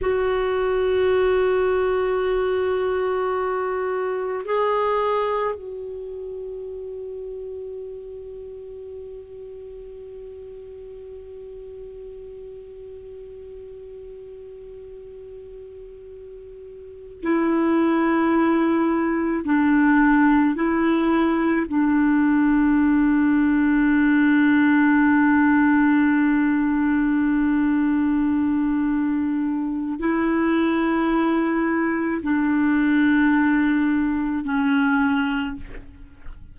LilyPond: \new Staff \with { instrumentName = "clarinet" } { \time 4/4 \tempo 4 = 54 fis'1 | gis'4 fis'2.~ | fis'1~ | fis'2.~ fis'8 e'8~ |
e'4. d'4 e'4 d'8~ | d'1~ | d'2. e'4~ | e'4 d'2 cis'4 | }